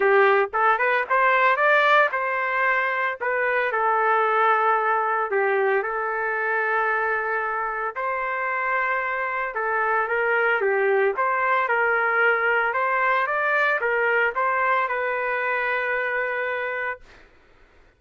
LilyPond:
\new Staff \with { instrumentName = "trumpet" } { \time 4/4 \tempo 4 = 113 g'4 a'8 b'8 c''4 d''4 | c''2 b'4 a'4~ | a'2 g'4 a'4~ | a'2. c''4~ |
c''2 a'4 ais'4 | g'4 c''4 ais'2 | c''4 d''4 ais'4 c''4 | b'1 | }